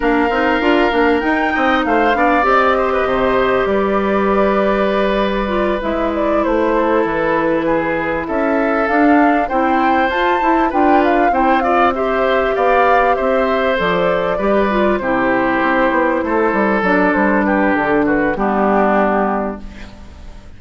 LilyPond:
<<
  \new Staff \with { instrumentName = "flute" } { \time 4/4 \tempo 4 = 98 f''2 g''4 f''4 | dis''2 d''2~ | d''4. e''8 d''8 c''4 b'8~ | b'4. e''4 f''4 g''8~ |
g''8 a''4 g''8 f''8 g''8 f''8 e''8~ | e''8 f''4 e''4 d''4.~ | d''8 c''2. d''8 | c''8 b'8 a'8 b'8 g'2 | }
  \new Staff \with { instrumentName = "oboe" } { \time 4/4 ais'2~ ais'8 dis''8 c''8 d''8~ | d''8 c''16 b'16 c''4 b'2~ | b'2. a'4~ | a'8 gis'4 a'2 c''8~ |
c''4. b'4 c''8 d''8 c''8~ | c''8 d''4 c''2 b'8~ | b'8 g'2 a'4.~ | a'8 g'4 fis'8 d'2 | }
  \new Staff \with { instrumentName = "clarinet" } { \time 4/4 d'8 dis'8 f'8 d'8 dis'4. d'8 | g'1~ | g'4 f'8 e'2~ e'8~ | e'2~ e'8 d'4 e'8~ |
e'8 f'8 e'8 f'4 e'8 f'8 g'8~ | g'2~ g'8 a'4 g'8 | f'8 e'2. d'8~ | d'2 b2 | }
  \new Staff \with { instrumentName = "bassoon" } { \time 4/4 ais8 c'8 d'8 ais8 dis'8 c'8 a8 b8 | c'4 c4 g2~ | g4. gis4 a4 e8~ | e4. cis'4 d'4 c'8~ |
c'8 f'8 e'8 d'4 c'4.~ | c'8 b4 c'4 f4 g8~ | g8 c4 c'8 b8 a8 g8 fis8 | g4 d4 g2 | }
>>